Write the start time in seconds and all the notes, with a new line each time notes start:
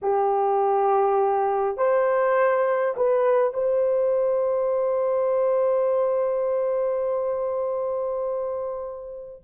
0.02 G4
1.77 C5
2.96 B4
3.53 C5